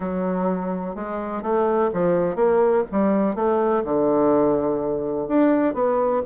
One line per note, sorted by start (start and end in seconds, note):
0.00 0.95 F#3
0.95 1.42 G#3
1.42 1.90 A3
1.93 2.35 F3
2.35 2.83 A#3
2.91 3.35 G3
3.35 3.83 A3
3.84 5.28 D3
5.28 5.74 D4
5.74 6.22 B3